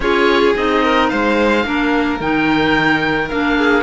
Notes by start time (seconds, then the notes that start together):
0.00 C#4 F4 G#4 C#5
0.56 C4 D#4 D#5
0.83 A#4
1.08 G#3 C5 F5
1.64 A#3 D4 A#4
2.20 D#3 D#4 G5
3.29 A#3 D4 F5
3.57 G#4